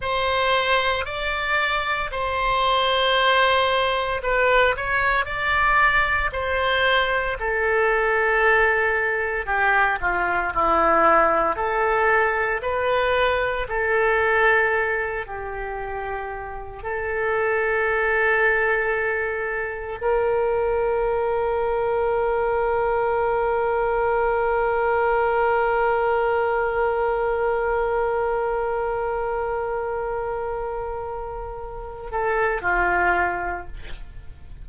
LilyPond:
\new Staff \with { instrumentName = "oboe" } { \time 4/4 \tempo 4 = 57 c''4 d''4 c''2 | b'8 cis''8 d''4 c''4 a'4~ | a'4 g'8 f'8 e'4 a'4 | b'4 a'4. g'4. |
a'2. ais'4~ | ais'1~ | ais'1~ | ais'2~ ais'8 a'8 f'4 | }